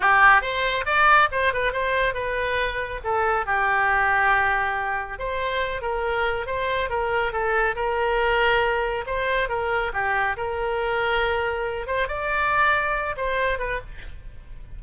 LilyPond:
\new Staff \with { instrumentName = "oboe" } { \time 4/4 \tempo 4 = 139 g'4 c''4 d''4 c''8 b'8 | c''4 b'2 a'4 | g'1 | c''4. ais'4. c''4 |
ais'4 a'4 ais'2~ | ais'4 c''4 ais'4 g'4 | ais'2.~ ais'8 c''8 | d''2~ d''8 c''4 b'8 | }